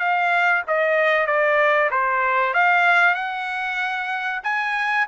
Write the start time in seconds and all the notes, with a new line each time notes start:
0.00 F5
0.68 D#5
1.27 D5
1.91 C5
2.54 F5
3.15 F#5
4.44 G#5